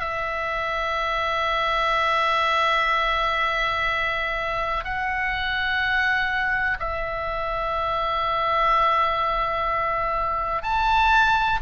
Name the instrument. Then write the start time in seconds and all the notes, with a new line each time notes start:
oboe
0.00 E5
4.84 F#5
6.80 E5
10.63 A5